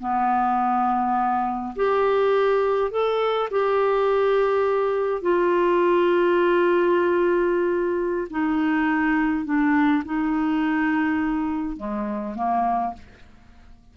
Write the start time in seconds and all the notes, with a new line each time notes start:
0.00 B3
1.76 G4
2.91 A4
3.51 G4
5.22 F4
8.30 D#4
9.45 D4
10.05 D#4
11.77 G#3
12.35 A#3